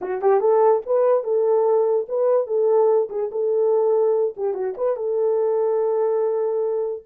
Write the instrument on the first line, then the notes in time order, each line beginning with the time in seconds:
horn
0.01 F#4
0.21 G4
0.40 A4
0.85 B4
1.23 A4
2.08 B4
2.46 A4
3.09 G#4
3.31 A4
4.36 G4
4.53 F#4
4.77 B4
4.96 A4